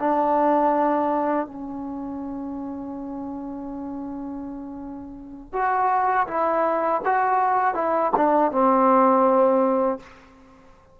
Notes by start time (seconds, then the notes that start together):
0.00 D4
1.47 C#4
5.53 F#4
6.27 E4
7.05 F#4
7.75 E4
8.17 D4
8.52 C4